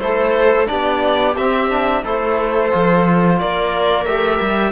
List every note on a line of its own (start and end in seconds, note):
0.00 0.67 A3
0.00 0.67 E4
0.00 0.69 A4
0.00 0.67 C5
0.67 1.37 B3
0.67 1.34 D4
0.67 2.04 G4
0.67 1.35 D5
1.37 2.04 C4
1.37 1.70 C4
1.37 2.05 E5
1.70 2.04 D4
2.04 2.72 A3
2.04 2.71 E4
2.04 3.39 A4
2.04 3.39 C5
2.71 3.42 F3
2.71 4.06 F4
3.39 4.06 A#3
3.39 4.73 A#4
3.39 4.06 D5
4.06 4.40 A3
4.06 4.73 G4
4.06 4.73 E5
4.41 4.73 G3